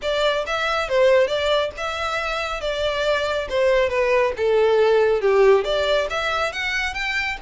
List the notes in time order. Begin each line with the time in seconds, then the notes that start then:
0.01 D5
0.46 E5
0.88 C5
1.27 D5
1.77 E5
2.60 D5
3.49 C5
3.89 B4
4.36 A4
5.21 G4
5.64 D5
6.10 E5
6.52 F#5
6.94 G5